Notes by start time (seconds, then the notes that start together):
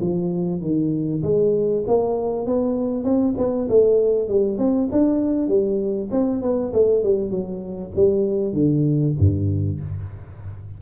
0.00 F3
0.61 D#3
1.23 G#3
1.87 A#3
2.46 B3
3.04 C4
3.38 B3
3.68 A3
4.28 G3
4.58 C4
4.91 D4
5.48 G3
6.11 C4
6.41 B3
6.73 A3
7.03 G3
7.30 F#3
7.95 G3
8.53 D3
9.19 G2